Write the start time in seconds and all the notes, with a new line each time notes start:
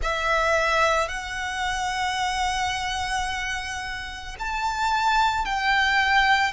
0.02 E5
1.08 F#5
4.39 A5
5.45 G5